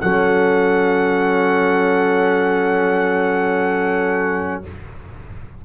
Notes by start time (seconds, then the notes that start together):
0.00 F#3 C#4 A4 F#5